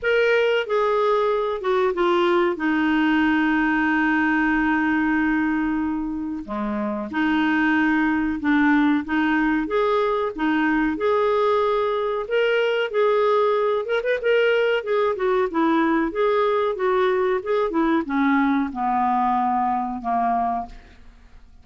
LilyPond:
\new Staff \with { instrumentName = "clarinet" } { \time 4/4 \tempo 4 = 93 ais'4 gis'4. fis'8 f'4 | dis'1~ | dis'2 gis4 dis'4~ | dis'4 d'4 dis'4 gis'4 |
dis'4 gis'2 ais'4 | gis'4. ais'16 b'16 ais'4 gis'8 fis'8 | e'4 gis'4 fis'4 gis'8 e'8 | cis'4 b2 ais4 | }